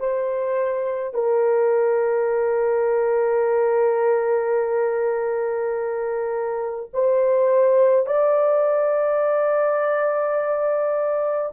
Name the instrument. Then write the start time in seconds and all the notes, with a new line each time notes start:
horn
0.00 C5
1.14 A#4
6.93 C5
8.06 D5